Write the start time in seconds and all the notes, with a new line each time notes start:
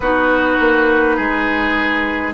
0.00 B3 D#4 F#4 B4
0.60 A#3
1.16 G#3 G#4